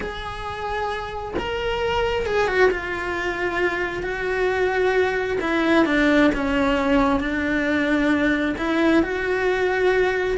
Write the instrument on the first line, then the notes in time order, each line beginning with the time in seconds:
cello
0.00 G#4
1.38 A#4
2.26 G#4
2.47 F#4
2.71 F4
4.02 F#4
5.41 E4
5.85 D4
6.35 C#4
7.20 D4
8.57 E4
9.02 F#4